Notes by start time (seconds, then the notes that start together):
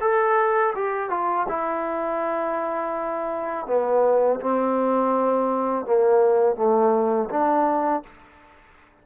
0.00 A4
0.75 G4
1.09 F4
1.48 E4
3.67 B3
4.40 C4
5.86 A#3
6.56 A3
7.30 D4